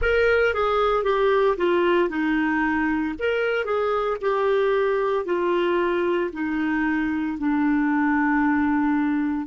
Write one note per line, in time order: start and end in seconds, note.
0.01 0.54 A#4
0.54 1.03 G#4
1.03 1.56 G4
1.57 2.09 F4
2.09 3.14 D#4
3.18 3.64 A#4
3.64 4.17 G#4
4.21 5.25 G4
5.25 6.30 F4
6.33 7.37 D#4
7.37 9.47 D4